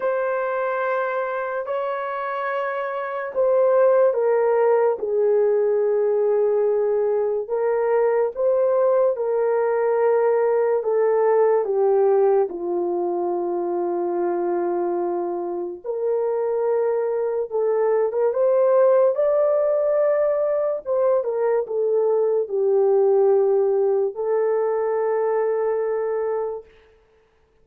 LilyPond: \new Staff \with { instrumentName = "horn" } { \time 4/4 \tempo 4 = 72 c''2 cis''2 | c''4 ais'4 gis'2~ | gis'4 ais'4 c''4 ais'4~ | ais'4 a'4 g'4 f'4~ |
f'2. ais'4~ | ais'4 a'8. ais'16 c''4 d''4~ | d''4 c''8 ais'8 a'4 g'4~ | g'4 a'2. | }